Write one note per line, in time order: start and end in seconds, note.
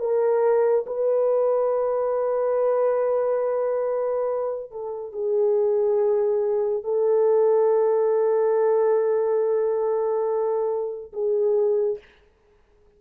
0.00 0.86 A#4
0.87 4.72 B4
4.72 5.13 A4
5.13 6.84 G#4
6.84 11.13 A4
11.13 11.99 G#4